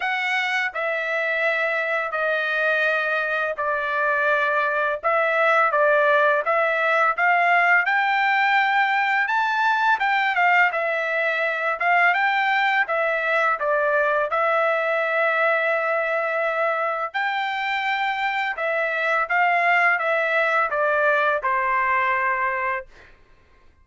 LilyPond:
\new Staff \with { instrumentName = "trumpet" } { \time 4/4 \tempo 4 = 84 fis''4 e''2 dis''4~ | dis''4 d''2 e''4 | d''4 e''4 f''4 g''4~ | g''4 a''4 g''8 f''8 e''4~ |
e''8 f''8 g''4 e''4 d''4 | e''1 | g''2 e''4 f''4 | e''4 d''4 c''2 | }